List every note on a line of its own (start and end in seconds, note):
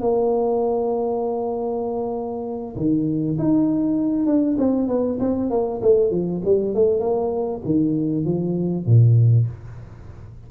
0.00 2.76 A#3
2.76 3.37 D#3
3.38 4.26 D#4
4.26 4.56 D4
4.58 4.87 C4
4.87 5.18 B3
5.20 5.50 C4
5.50 5.81 A#3
5.81 6.10 A3
6.10 6.41 F3
6.44 6.74 G3
6.74 7.00 A3
7.00 7.61 A#3
7.64 8.25 D#3
8.25 8.86 F3
8.86 9.47 A#2